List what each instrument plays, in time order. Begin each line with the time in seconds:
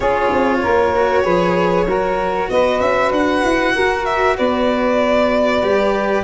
0.00 tuba C#4, cello F4, saxophone G#4, violin C#5
0.32 tuba C4
0.62 tuba A#3, saxophone A#4
0.95 cello F#4
1.23 tuba F3, cello G#4, saxophone B4
1.85 tuba F#3, cello F#4, saxophone A#4
2.49 tuba B3, saxophone B4, violin D#5
2.80 tuba C#4, violin E5
3.11 tuba D4, violin F#5
3.44 tuba E4
3.73 tuba F#4, saxophone A#4
4.05 violin E5
4.37 tuba B3, saxophone B4, violin D5
5.62 tuba G3, cello G4